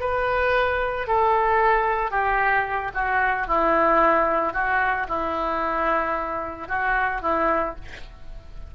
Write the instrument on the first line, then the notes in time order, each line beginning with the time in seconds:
oboe
0.00 B4
1.07 A4
2.11 G4
2.94 F#4
3.47 E4
4.53 F#4
5.08 E4
6.68 F#4
7.22 E4